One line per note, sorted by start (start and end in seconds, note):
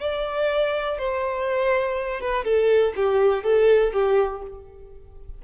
0.00 0.98 D5
0.99 2.21 C5
2.21 2.45 B4
2.45 2.94 A4
2.96 3.44 G4
3.44 3.93 A4
3.93 4.42 G4